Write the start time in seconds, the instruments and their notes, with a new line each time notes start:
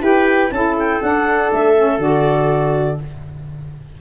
0.00 tuba E4, saxophone G4, viola B4, clarinet G5
0.51 tuba C#4, saxophone E4, viola A4, clarinet A5
0.79 clarinet G5
1.01 saxophone D4, tuba D4, clarinet F#5
1.52 tuba A3, clarinet E5
1.76 saxophone C#4
1.98 tuba D3, saxophone F#4, clarinet D5